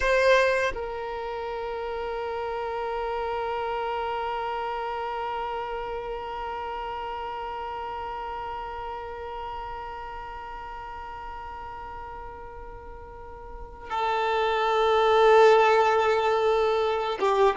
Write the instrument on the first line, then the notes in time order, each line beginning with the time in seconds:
violin
0.00 C5
0.74 A#4
13.89 A4
17.19 G4